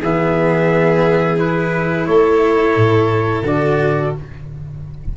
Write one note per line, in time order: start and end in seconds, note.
0.00 2.07 E3
0.00 1.36 B3
0.00 2.07 G#4
0.00 1.39 E5
1.36 3.43 E4
1.36 2.06 B4
2.06 2.76 A3
2.06 4.16 A4
2.06 3.44 C#5
2.76 3.42 A2
3.42 4.11 D3
3.42 4.14 F#4
3.42 4.16 D5